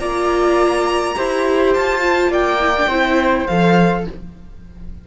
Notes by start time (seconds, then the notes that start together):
0.00 A#3 F4 D5 A#5
1.15 E4 G4 C5
1.74 F4 A5
2.01 F4
2.28 A#3 D5 G5
2.60 E4
2.77 D4
2.88 C4 E4 C5
3.47 F3 A4 F5